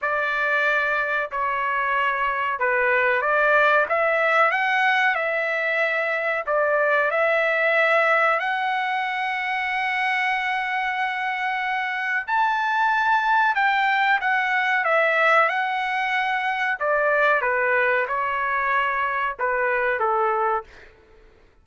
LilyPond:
\new Staff \with { instrumentName = "trumpet" } { \time 4/4 \tempo 4 = 93 d''2 cis''2 | b'4 d''4 e''4 fis''4 | e''2 d''4 e''4~ | e''4 fis''2.~ |
fis''2. a''4~ | a''4 g''4 fis''4 e''4 | fis''2 d''4 b'4 | cis''2 b'4 a'4 | }